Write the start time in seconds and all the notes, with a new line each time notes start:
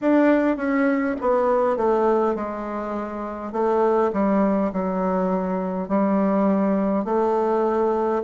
0.01 D4
0.56 C#4
1.20 B3
1.76 A3
2.35 G#3
3.52 A3
4.12 G3
4.72 F#3
5.88 G3
7.04 A3